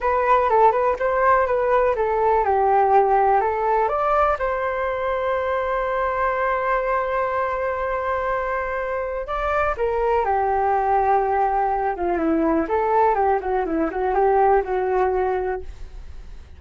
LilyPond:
\new Staff \with { instrumentName = "flute" } { \time 4/4 \tempo 4 = 123 b'4 a'8 b'8 c''4 b'4 | a'4 g'2 a'4 | d''4 c''2.~ | c''1~ |
c''2. d''4 | ais'4 g'2.~ | g'8 f'8 e'4 a'4 g'8 fis'8 | e'8 fis'8 g'4 fis'2 | }